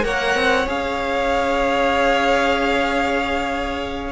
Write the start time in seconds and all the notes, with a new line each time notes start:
0.00 A#3 A#4 C#5 F#5
0.34 C4
0.66 C#4 G#4 F5